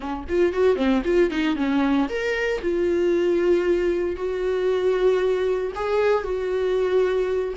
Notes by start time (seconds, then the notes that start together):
0.00 C#4
0.28 F4
0.52 F#4
0.75 C4
1.04 F4
1.30 D#4
1.56 C#4
2.09 A#4
2.62 F4
4.15 F#4
5.75 G#4
6.23 F#4